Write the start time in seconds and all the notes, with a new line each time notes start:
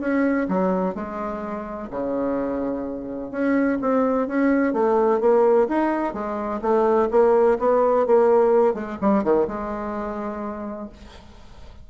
0.00 C#4
0.48 F#3
0.94 G#3
1.90 C#3
3.31 C#4
3.81 C4
4.27 C#4
4.73 A3
5.20 A#3
5.68 D#4
6.14 G#3
6.62 A3
7.11 A#3
7.59 B3
8.06 A#3
8.74 G#3
9.01 G3
9.23 D#3
9.47 G#3